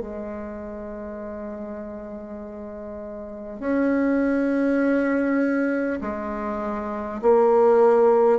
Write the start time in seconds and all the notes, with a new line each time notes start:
0.00 G#3
3.59 C#4
6.01 G#3
7.21 A#3